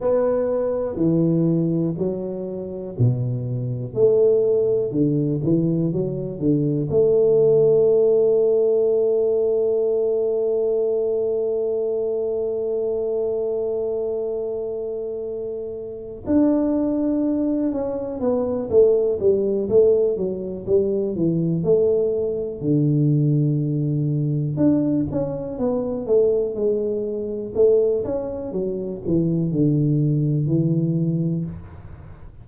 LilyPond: \new Staff \with { instrumentName = "tuba" } { \time 4/4 \tempo 4 = 61 b4 e4 fis4 b,4 | a4 d8 e8 fis8 d8 a4~ | a1~ | a1~ |
a8 d'4. cis'8 b8 a8 g8 | a8 fis8 g8 e8 a4 d4~ | d4 d'8 cis'8 b8 a8 gis4 | a8 cis'8 fis8 e8 d4 e4 | }